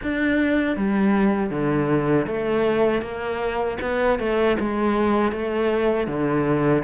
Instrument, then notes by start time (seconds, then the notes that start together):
cello
0.02 D4
0.76 G3
1.50 D3
2.26 A3
3.01 A#3
3.81 B3
4.19 A3
4.59 G#3
5.32 A3
6.07 D3